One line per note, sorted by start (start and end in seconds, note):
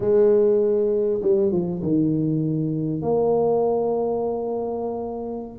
0.00 1.21 G#3
1.21 1.51 G3
1.51 1.82 F3
1.82 3.02 D#3
3.02 5.58 A#3